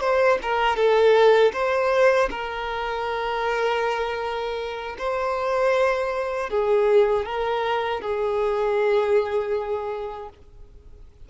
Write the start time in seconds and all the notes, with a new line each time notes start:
0.00 C5
0.42 A#4
0.76 A4
1.53 C5
2.30 A#4
4.98 C5
6.49 G#4
7.25 A#4
8.01 G#4